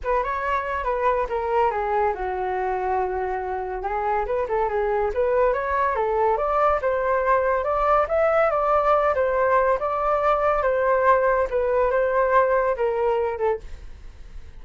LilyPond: \new Staff \with { instrumentName = "flute" } { \time 4/4 \tempo 4 = 141 b'8 cis''4. b'4 ais'4 | gis'4 fis'2.~ | fis'4 gis'4 b'8 a'8 gis'4 | b'4 cis''4 a'4 d''4 |
c''2 d''4 e''4 | d''4. c''4. d''4~ | d''4 c''2 b'4 | c''2 ais'4. a'8 | }